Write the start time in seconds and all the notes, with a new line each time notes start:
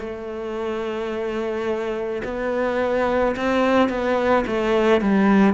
0.00 A3
2.24 B3
3.36 C4
3.89 B3
4.47 A3
5.01 G3